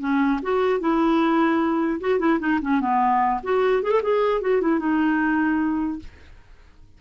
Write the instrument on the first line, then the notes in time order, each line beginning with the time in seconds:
clarinet
0.00 C#4
0.43 F#4
0.80 E4
2.01 F#4
2.19 E4
2.40 D#4
2.62 C#4
2.80 B3
3.43 F#4
3.83 G#4
3.91 A4
4.02 G#4
4.42 F#4
4.61 E4
4.79 D#4